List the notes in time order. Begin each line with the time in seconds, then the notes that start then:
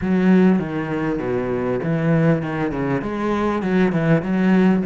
0.01 F#3
0.59 D#3
1.19 B2
1.83 E3
2.42 D#3
2.71 C#3
3.01 G#3
3.62 F#3
3.92 E3
4.22 F#3